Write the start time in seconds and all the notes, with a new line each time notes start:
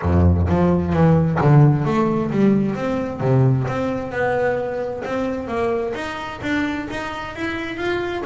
0.01 F2
0.49 F3
0.93 E3
1.41 D3
1.85 A3
2.31 G3
2.75 C4
3.20 C3
3.67 C4
4.11 B3
5.05 C4
5.47 A#3
5.94 D#4
6.42 D4
6.90 D#4
7.35 E4
7.76 F4